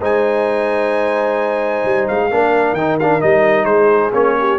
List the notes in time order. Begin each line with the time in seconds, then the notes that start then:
0.00 G#3 D#4 C5 G#5
1.85 G3
2.09 G#3 F5
2.31 A#3 D4 A#4
2.73 D#3 D#4 G5
3.00 D4 F5
3.21 G3 D#4 D#5
3.65 G#3 G#4 C5
4.14 A#3 C#4 C#5
4.40 G4